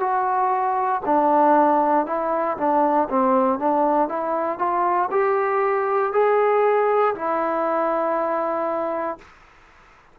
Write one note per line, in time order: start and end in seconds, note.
0.00 1.02 F#4
1.06 2.07 D4
2.07 2.57 E4
2.58 3.09 D4
3.10 3.60 C4
3.60 4.09 D4
4.09 4.59 E4
4.59 5.10 F4
5.11 6.13 G4
6.13 7.15 G#4
7.15 9.18 E4